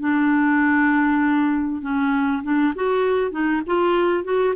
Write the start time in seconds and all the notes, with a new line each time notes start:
0.00 D4
1.82 C#4
2.44 D4
2.75 F#4
3.32 D#4
3.67 F4
4.24 F#4